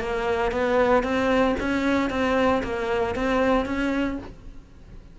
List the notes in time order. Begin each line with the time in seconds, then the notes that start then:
0.00 A#3
0.52 B3
1.03 C4
1.60 C#4
2.10 C4
2.63 A#3
3.15 C4
3.66 C#4